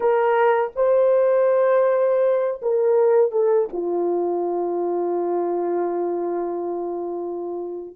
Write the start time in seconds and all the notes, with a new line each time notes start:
0.00 A#4
0.75 C5
2.61 A#4
3.31 A4
3.72 F4